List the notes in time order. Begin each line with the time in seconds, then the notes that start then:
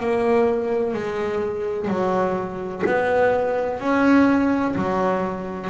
0.00 A#3
0.94 G#3
1.88 F#3
2.86 B3
3.80 C#4
4.75 F#3